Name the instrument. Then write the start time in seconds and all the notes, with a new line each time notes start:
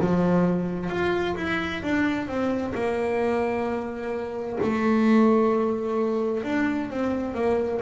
double bass
0.00 F3
0.89 F4
1.36 E4
1.83 D4
2.27 C4
2.74 A#3
4.62 A3
6.44 D4
6.90 C4
7.34 A#3